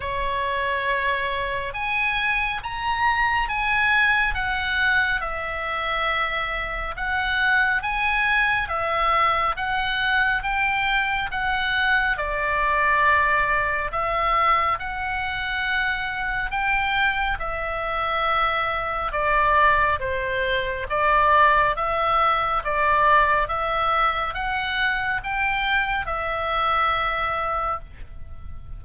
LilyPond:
\new Staff \with { instrumentName = "oboe" } { \time 4/4 \tempo 4 = 69 cis''2 gis''4 ais''4 | gis''4 fis''4 e''2 | fis''4 gis''4 e''4 fis''4 | g''4 fis''4 d''2 |
e''4 fis''2 g''4 | e''2 d''4 c''4 | d''4 e''4 d''4 e''4 | fis''4 g''4 e''2 | }